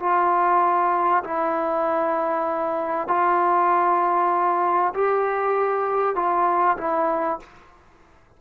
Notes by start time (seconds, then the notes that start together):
0.00 F4
1.24 E4
3.08 F4
4.94 G4
6.15 F4
6.78 E4